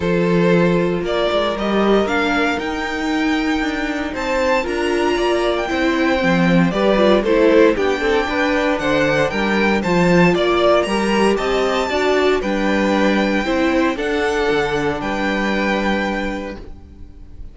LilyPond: <<
  \new Staff \with { instrumentName = "violin" } { \time 4/4 \tempo 4 = 116 c''2 d''4 dis''4 | f''4 g''2. | a''4 ais''4.~ ais''16 g''4~ g''16~ | g''4 d''4 c''4 g''4~ |
g''4 fis''4 g''4 a''4 | d''4 ais''4 a''2 | g''2. fis''4~ | fis''4 g''2. | }
  \new Staff \with { instrumentName = "violin" } { \time 4/4 a'2 ais'2~ | ais'1 | c''4 ais'4 d''4 c''4~ | c''4 b'4 a'4 g'8 a'8 |
b'4 c''4 ais'4 c''4 | d''4 ais'4 dis''4 d''4 | b'2 c''4 a'4~ | a'4 b'2. | }
  \new Staff \with { instrumentName = "viola" } { \time 4/4 f'2. g'4 | d'4 dis'2.~ | dis'4 f'2 e'4 | c'4 g'8 f'8 e'4 d'4~ |
d'2. f'4~ | f'4 g'2 fis'4 | d'2 e'4 d'4~ | d'1 | }
  \new Staff \with { instrumentName = "cello" } { \time 4/4 f2 ais8 gis8 g4 | ais4 dis'2 d'4 | c'4 d'4 ais4 c'4 | f4 g4 a4 b8 c'8 |
d'4 d4 g4 f4 | ais4 g4 c'4 d'4 | g2 c'4 d'4 | d4 g2. | }
>>